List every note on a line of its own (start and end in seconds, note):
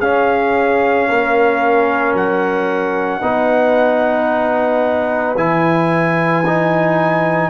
0.00 3.22 C#4
0.00 1.09 C#4
0.00 1.07 G#4
0.00 2.15 F5
1.09 2.14 A#3
1.09 3.22 A#4
2.14 3.21 F#3
2.14 5.37 F#5
3.22 5.36 B3
3.22 5.36 D#4
3.22 7.50 B4
5.36 7.50 E3
5.36 6.45 E4
5.36 7.51 G#5
6.46 7.51 D#4